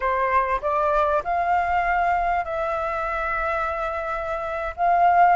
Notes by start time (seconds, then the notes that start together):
0.00 C5
0.61 D5
1.24 F5
2.44 E5
4.76 F5